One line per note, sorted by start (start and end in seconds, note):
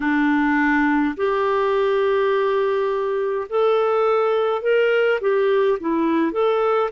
0.00 1.15 D4
1.16 3.47 G4
3.49 4.62 A4
4.62 5.19 A#4
5.20 5.78 G4
5.80 6.31 E4
6.31 6.89 A4